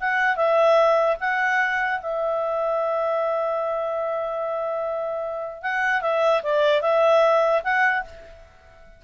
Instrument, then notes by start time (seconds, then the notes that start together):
clarinet
0.00 F#5
0.36 E5
1.20 F#5
2.00 E5
5.62 F#5
6.01 E5
6.43 D5
6.81 E5
7.64 F#5